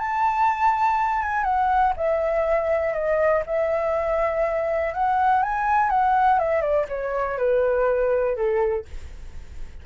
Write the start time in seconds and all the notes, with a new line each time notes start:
0.00 A5
1.23 G#5
1.44 F#5
1.97 E5
2.94 D#5
3.47 E5
4.94 F#5
5.43 G#5
5.90 F#5
6.40 E5
6.62 D5
6.89 C#5
7.38 B4
8.37 A4